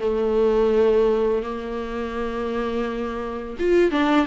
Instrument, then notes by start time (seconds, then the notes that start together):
viola
0.00 A3
1.43 A#3
3.59 F4
3.91 D4